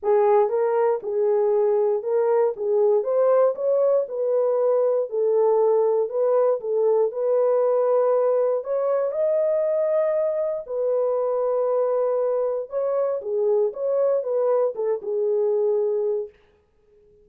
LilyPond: \new Staff \with { instrumentName = "horn" } { \time 4/4 \tempo 4 = 118 gis'4 ais'4 gis'2 | ais'4 gis'4 c''4 cis''4 | b'2 a'2 | b'4 a'4 b'2~ |
b'4 cis''4 dis''2~ | dis''4 b'2.~ | b'4 cis''4 gis'4 cis''4 | b'4 a'8 gis'2~ gis'8 | }